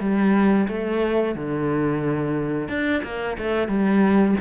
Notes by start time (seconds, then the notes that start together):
0.00 G3
0.68 A3
1.35 D3
2.69 D4
3.04 A#3
3.38 A3
3.68 G3